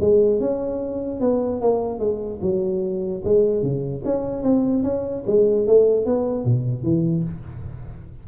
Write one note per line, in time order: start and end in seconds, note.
0.00 0.40 G#3
0.40 1.20 C#4
1.20 1.61 B3
1.61 1.99 A#3
1.99 2.39 G#3
2.41 3.22 F#3
3.24 3.62 G#3
3.62 4.03 C#3
4.05 4.43 C#4
4.43 4.83 C4
4.83 5.24 C#4
5.27 5.67 G#3
5.67 6.05 A3
6.05 6.44 B3
6.44 6.83 B2
6.83 7.23 E3